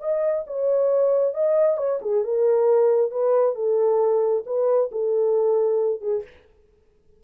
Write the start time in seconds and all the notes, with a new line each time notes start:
0.00 D#5
0.47 C#5
1.34 D#5
1.77 C#5
2.02 G#4
2.24 A#4
3.11 B4
3.55 A4
4.46 B4
4.92 A4
6.01 G#4